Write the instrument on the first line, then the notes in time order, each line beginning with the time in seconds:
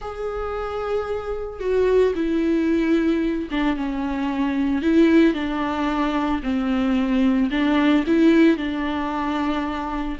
viola
0.01 G#4
1.59 F#4
2.15 E4
3.51 D4
3.76 C#4
4.81 E4
5.34 D4
6.43 C4
7.50 D4
8.06 E4
8.57 D4